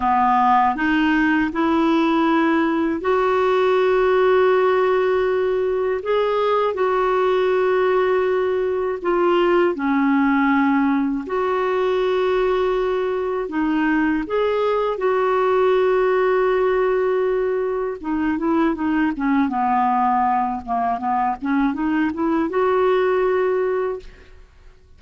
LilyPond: \new Staff \with { instrumentName = "clarinet" } { \time 4/4 \tempo 4 = 80 b4 dis'4 e'2 | fis'1 | gis'4 fis'2. | f'4 cis'2 fis'4~ |
fis'2 dis'4 gis'4 | fis'1 | dis'8 e'8 dis'8 cis'8 b4. ais8 | b8 cis'8 dis'8 e'8 fis'2 | }